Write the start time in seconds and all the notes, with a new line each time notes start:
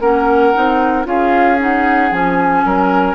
0.00 A#3 C#4 A#4 F#5
0.54 C4 D#4
1.04 C#4 F4 G#4 F5
1.59 D#4 F#5
2.11 F3 C#4 G#5
2.65 F#3 A#4